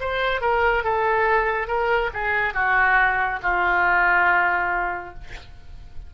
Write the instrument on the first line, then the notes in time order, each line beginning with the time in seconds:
oboe
0.00 C5
0.41 A#4
0.83 A4
1.67 A#4
2.13 G#4
2.53 F#4
3.42 F4